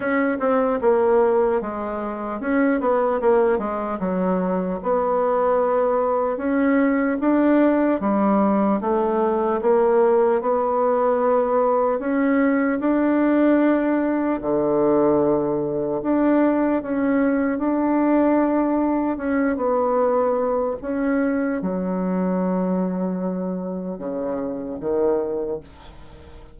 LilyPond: \new Staff \with { instrumentName = "bassoon" } { \time 4/4 \tempo 4 = 75 cis'8 c'8 ais4 gis4 cis'8 b8 | ais8 gis8 fis4 b2 | cis'4 d'4 g4 a4 | ais4 b2 cis'4 |
d'2 d2 | d'4 cis'4 d'2 | cis'8 b4. cis'4 fis4~ | fis2 cis4 dis4 | }